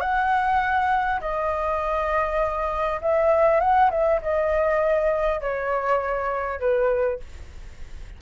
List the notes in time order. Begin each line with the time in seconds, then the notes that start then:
0.00 F#5
1.21 D#5
3.01 E5
3.60 F#5
3.91 E5
4.22 D#5
5.41 C#5
6.60 B4